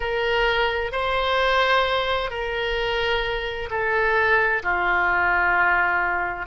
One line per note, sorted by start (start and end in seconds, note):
0.00 0.92 A#4
0.92 2.30 C5
2.30 3.69 A#4
3.70 4.62 A4
4.62 6.46 F4